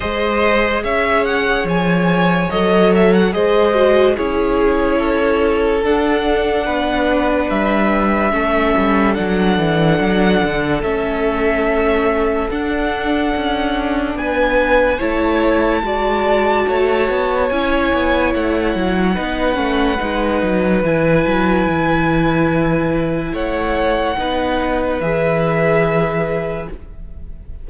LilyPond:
<<
  \new Staff \with { instrumentName = "violin" } { \time 4/4 \tempo 4 = 72 dis''4 e''8 fis''8 gis''4 dis''8 e''16 fis''16 | dis''4 cis''2 fis''4~ | fis''4 e''2 fis''4~ | fis''4 e''2 fis''4~ |
fis''4 gis''4 a''2~ | a''4 gis''4 fis''2~ | fis''4 gis''2. | fis''2 e''2 | }
  \new Staff \with { instrumentName = "violin" } { \time 4/4 c''4 cis''2. | c''4 gis'4 a'2 | b'2 a'2~ | a'1~ |
a'4 b'4 cis''4 d''4 | cis''2. b'4~ | b'1 | cis''4 b'2. | }
  \new Staff \with { instrumentName = "viola" } { \time 4/4 gis'2. a'4 | gis'8 fis'8 e'2 d'4~ | d'2 cis'4 d'4~ | d'4 cis'2 d'4~ |
d'2 e'4 fis'4~ | fis'4 e'2 dis'8 cis'8 | dis'4 e'2.~ | e'4 dis'4 gis'2 | }
  \new Staff \with { instrumentName = "cello" } { \time 4/4 gis4 cis'4 f4 fis4 | gis4 cis'2 d'4 | b4 g4 a8 g8 fis8 e8 | fis8 d8 a2 d'4 |
cis'4 b4 a4 gis4 | a8 b8 cis'8 b8 a8 fis8 b8 a8 | gis8 fis8 e8 fis8 e2 | a4 b4 e2 | }
>>